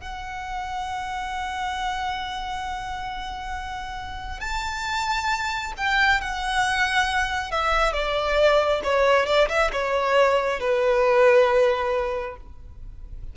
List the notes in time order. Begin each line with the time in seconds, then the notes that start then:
0.00 F#5
4.40 A5
5.77 G5
6.20 F#5
7.51 E5
7.93 D5
8.84 C#5
9.26 D5
9.49 E5
9.72 C#5
10.60 B4